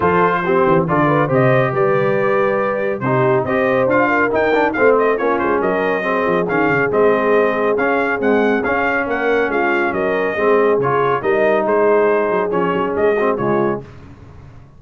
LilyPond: <<
  \new Staff \with { instrumentName = "trumpet" } { \time 4/4 \tempo 4 = 139 c''2 d''4 dis''4 | d''2. c''4 | dis''4 f''4 g''4 f''8 dis''8 | cis''8 c''8 dis''2 f''4 |
dis''2 f''4 fis''4 | f''4 fis''4 f''4 dis''4~ | dis''4 cis''4 dis''4 c''4~ | c''4 cis''4 dis''4 cis''4 | }
  \new Staff \with { instrumentName = "horn" } { \time 4/4 a'4 g'4 a'8 b'8 c''4 | b'2. g'4 | c''4. ais'4. c''4 | f'4 ais'4 gis'2~ |
gis'1~ | gis'4 ais'4 f'4 ais'4 | gis'2 ais'4 gis'4~ | gis'2~ gis'8 fis'8 f'4 | }
  \new Staff \with { instrumentName = "trombone" } { \time 4/4 f'4 c'4 f'4 g'4~ | g'2. dis'4 | g'4 f'4 dis'8 d'8 c'4 | cis'2 c'4 cis'4 |
c'2 cis'4 gis4 | cis'1 | c'4 f'4 dis'2~ | dis'4 cis'4. c'8 gis4 | }
  \new Staff \with { instrumentName = "tuba" } { \time 4/4 f4. e8 d4 c4 | g2. c4 | c'4 d'4 dis'4 a4 | ais8 gis8 fis4. f8 dis8 cis8 |
gis2 cis'4 c'4 | cis'4 ais4 gis4 fis4 | gis4 cis4 g4 gis4~ | gis8 fis8 f8 fis8 gis4 cis4 | }
>>